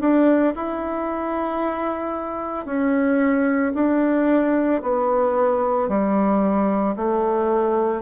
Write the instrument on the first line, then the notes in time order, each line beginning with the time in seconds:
bassoon
0.00 D4
0.55 E4
2.65 C#4
3.75 D4
4.82 B3
5.88 G3
6.96 A3